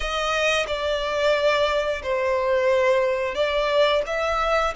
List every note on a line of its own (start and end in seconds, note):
0.00 0.66 D#5
0.67 2.02 D5
2.02 3.35 C5
3.35 4.02 D5
4.06 4.73 E5